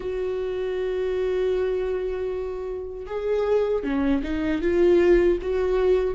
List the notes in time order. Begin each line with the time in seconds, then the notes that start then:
0.00 F#4
3.06 G#4
3.83 C#4
4.23 D#4
4.61 F4
5.41 F#4